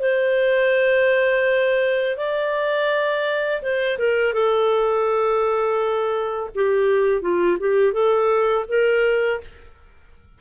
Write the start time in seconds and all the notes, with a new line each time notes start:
0.00 C5
2.17 D5
3.62 C5
3.99 A#4
4.33 A4
6.55 G4
7.22 F4
7.60 G4
7.93 A4
8.68 A#4